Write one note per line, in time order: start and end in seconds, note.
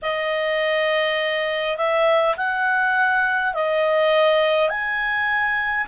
0.02 1.76 D#5
1.76 2.35 E5
2.36 3.53 F#5
3.53 4.69 D#5
4.69 5.87 G#5